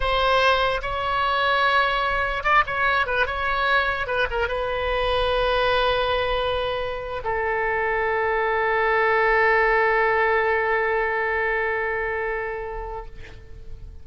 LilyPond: \new Staff \with { instrumentName = "oboe" } { \time 4/4 \tempo 4 = 147 c''2 cis''2~ | cis''2 d''8 cis''4 b'8 | cis''2 b'8 ais'8 b'4~ | b'1~ |
b'4.~ b'16 a'2~ a'16~ | a'1~ | a'1~ | a'1 | }